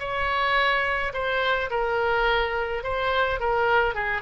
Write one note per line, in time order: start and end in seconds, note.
0.00 1.13 C#5
1.14 1.70 C5
1.71 2.84 A#4
2.84 3.40 C5
3.40 3.95 A#4
3.95 4.22 G#4